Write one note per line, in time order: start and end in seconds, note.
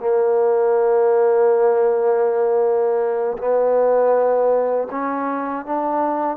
0.00 3.38 A#3
3.39 4.89 B3
4.91 5.66 C#4
5.66 6.37 D4